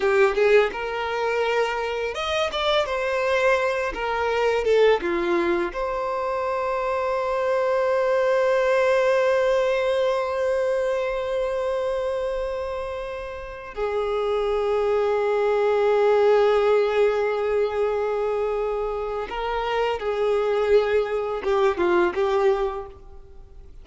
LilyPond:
\new Staff \with { instrumentName = "violin" } { \time 4/4 \tempo 4 = 84 g'8 gis'8 ais'2 dis''8 d''8 | c''4. ais'4 a'8 f'4 | c''1~ | c''1~ |
c''2.~ c''16 gis'8.~ | gis'1~ | gis'2. ais'4 | gis'2 g'8 f'8 g'4 | }